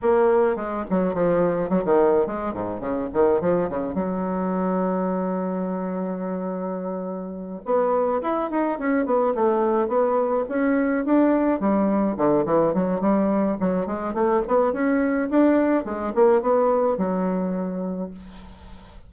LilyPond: \new Staff \with { instrumentName = "bassoon" } { \time 4/4 \tempo 4 = 106 ais4 gis8 fis8 f4 fis16 dis8. | gis8 gis,8 cis8 dis8 f8 cis8 fis4~ | fis1~ | fis4. b4 e'8 dis'8 cis'8 |
b8 a4 b4 cis'4 d'8~ | d'8 g4 d8 e8 fis8 g4 | fis8 gis8 a8 b8 cis'4 d'4 | gis8 ais8 b4 fis2 | }